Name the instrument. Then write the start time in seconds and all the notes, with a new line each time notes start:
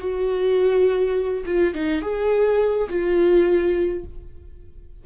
viola
0.00 F#4
1.46 F4
1.74 D#4
2.02 G#4
2.90 F4